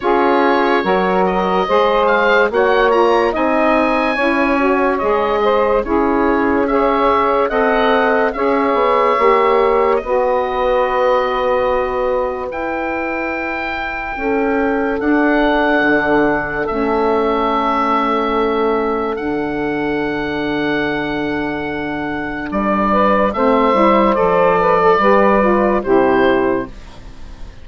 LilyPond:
<<
  \new Staff \with { instrumentName = "oboe" } { \time 4/4 \tempo 4 = 72 cis''4. dis''4 f''8 fis''8 ais''8 | gis''2 dis''4 cis''4 | e''4 fis''4 e''2 | dis''2. g''4~ |
g''2 fis''2 | e''2. fis''4~ | fis''2. d''4 | e''4 d''2 c''4 | }
  \new Staff \with { instrumentName = "saxophone" } { \time 4/4 gis'4 ais'4 c''4 cis''4 | dis''4 cis''4. c''8 gis'4 | cis''4 dis''4 cis''2 | b'1~ |
b'4 a'2.~ | a'1~ | a'2.~ a'8 b'8 | c''4. b'16 a'16 b'4 g'4 | }
  \new Staff \with { instrumentName = "saxophone" } { \time 4/4 f'4 fis'4 gis'4 fis'8 f'8 | dis'4 e'8 fis'8 gis'4 e'4 | gis'4 a'4 gis'4 g'4 | fis'2. e'4~ |
e'2 d'2 | cis'2. d'4~ | d'1 | c'8 e'8 a'4 g'8 f'8 e'4 | }
  \new Staff \with { instrumentName = "bassoon" } { \time 4/4 cis'4 fis4 gis4 ais4 | c'4 cis'4 gis4 cis'4~ | cis'4 c'4 cis'8 b8 ais4 | b2. e'4~ |
e'4 cis'4 d'4 d4 | a2. d4~ | d2. g4 | a8 g8 f4 g4 c4 | }
>>